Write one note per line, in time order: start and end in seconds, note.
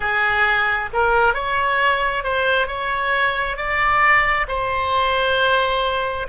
0.00 0.90 G#4
0.93 1.34 A#4
1.34 2.23 C#5
2.23 2.67 C5
2.67 3.57 C#5
3.57 4.46 D5
4.48 6.27 C5